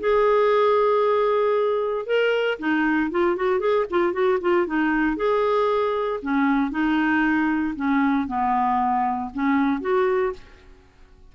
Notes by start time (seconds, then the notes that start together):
0.00 G#4
2.07 A#4
2.60 D#4
3.11 F4
3.36 F#4
3.60 G#4
3.91 F4
4.13 F#4
4.42 F4
4.67 D#4
5.17 G#4
6.23 C#4
6.71 D#4
7.76 C#4
8.28 B3
9.34 C#4
9.82 F#4